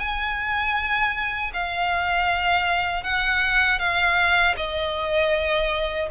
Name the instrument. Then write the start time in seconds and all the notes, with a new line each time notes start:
violin
0.00 G#5
1.54 F5
3.04 F#5
3.80 F5
4.57 D#5